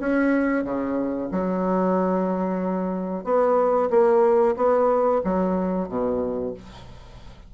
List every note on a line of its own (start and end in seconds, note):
0.00 0.64 C#4
0.64 1.30 C#3
1.32 3.24 F#3
3.24 3.90 B3
3.90 4.55 A#3
4.56 5.21 B3
5.24 5.89 F#3
5.89 6.54 B2